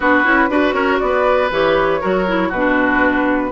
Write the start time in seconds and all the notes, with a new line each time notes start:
0.00 B3 D4 F#4 B4
0.24 C#4 E4
0.49 D4 F#4 B4
0.72 C#4 A#4 C#5
0.99 B3 B4 D5
1.50 E3 G4 C#5
2.00 F#3 F#4 A#4
2.26 E4
2.49 B2 F#4 B4
2.56 D4